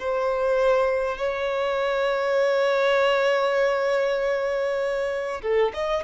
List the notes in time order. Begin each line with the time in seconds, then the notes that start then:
0.00 C5
1.18 C#5
5.42 A4
5.74 D#5